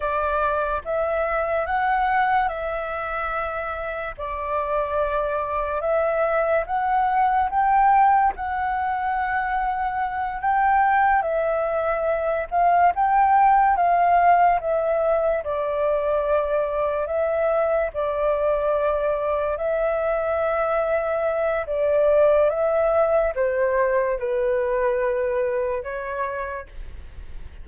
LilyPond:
\new Staff \with { instrumentName = "flute" } { \time 4/4 \tempo 4 = 72 d''4 e''4 fis''4 e''4~ | e''4 d''2 e''4 | fis''4 g''4 fis''2~ | fis''8 g''4 e''4. f''8 g''8~ |
g''8 f''4 e''4 d''4.~ | d''8 e''4 d''2 e''8~ | e''2 d''4 e''4 | c''4 b'2 cis''4 | }